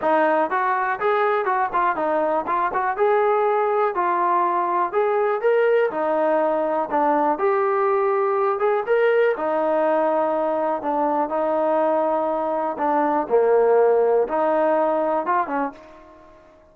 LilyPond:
\new Staff \with { instrumentName = "trombone" } { \time 4/4 \tempo 4 = 122 dis'4 fis'4 gis'4 fis'8 f'8 | dis'4 f'8 fis'8 gis'2 | f'2 gis'4 ais'4 | dis'2 d'4 g'4~ |
g'4. gis'8 ais'4 dis'4~ | dis'2 d'4 dis'4~ | dis'2 d'4 ais4~ | ais4 dis'2 f'8 cis'8 | }